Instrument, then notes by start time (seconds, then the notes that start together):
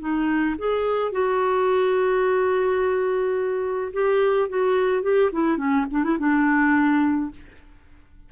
clarinet
0.00 D#4
0.59 G#4
1.12 F#4
3.94 G4
4.50 F#4
5.03 G4
5.33 E4
5.58 C#4
5.92 D4
6.04 E4
6.19 D4